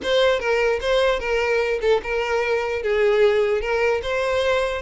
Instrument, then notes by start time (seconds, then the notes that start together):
violin
0.02 C5
0.39 A#4
0.80 C5
1.19 A#4
1.81 A4
2.03 A#4
2.82 G#4
3.61 A#4
4.02 C5